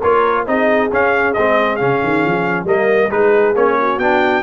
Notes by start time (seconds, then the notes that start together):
0.00 A#3 F4 A#4 C#5
0.47 C4 D#4 G#4 D#5
0.92 C#4 F5
1.34 G#3 C4 D#5
1.77 C#3 C#4 F5
2.03 D#3
2.25 F3
2.64 G3 A#3 A#4 D#5
3.11 G#3 D#4 G#4 B4
3.55 A#3 C#4 C#5
3.80 F#4
3.98 B3 D4 G5